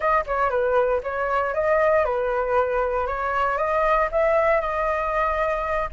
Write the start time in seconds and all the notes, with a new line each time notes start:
0.00 D#5
0.26 C#5
0.50 B4
1.03 C#5
1.54 D#5
2.04 B4
3.07 C#5
3.57 D#5
4.11 E5
4.61 D#5